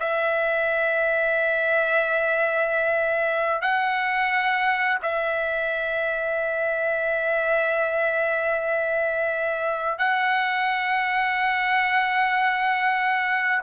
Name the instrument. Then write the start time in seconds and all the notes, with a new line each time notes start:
trumpet
0.00 E5
3.62 F#5
5.03 E5
9.99 F#5